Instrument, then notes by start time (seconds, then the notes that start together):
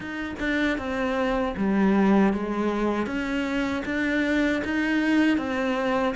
cello
0.00 D#4
0.39 D4
0.77 C4
1.57 G3
2.33 G#3
3.06 C#4
3.85 D4
4.64 D#4
5.37 C4